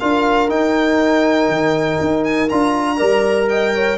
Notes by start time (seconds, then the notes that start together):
0.00 D4 F4 A#4 F5
0.49 D#4 G5
1.48 D#3
2.01 D#4
2.24 G#5
2.49 D4 F4 A#5
2.97 G3 A#4 D5
3.49 D#5 G5
3.75 C#5